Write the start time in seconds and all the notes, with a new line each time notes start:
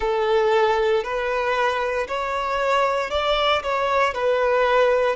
0.00 A4
1.03 B4
2.07 C#5
3.10 D5
3.62 C#5
4.14 B4